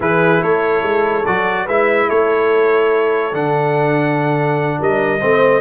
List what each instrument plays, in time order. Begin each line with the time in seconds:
0.00 tuba E3, trombone E4, horn G#4, trumpet B4
0.42 tuba A3, horn A4, trumpet C#5
0.82 tuba G#3
1.25 tuba F#3, trombone F#4, trumpet D5
1.64 tuba G#3, trombone E4, horn B4, trumpet E5
2.08 tuba A3, horn A4, trumpet C#5
3.32 tuba D3, trombone D4, trumpet F#5
4.79 tuba G3, horn A#4, trumpet D#5
5.20 tuba A3, trombone C4, horn C5